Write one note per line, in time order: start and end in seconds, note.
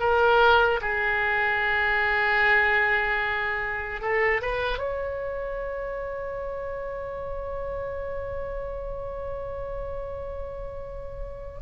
0.00 0.80 A#4
0.81 4.01 G#4
4.01 4.41 A4
4.41 4.79 B4
4.79 11.58 C#5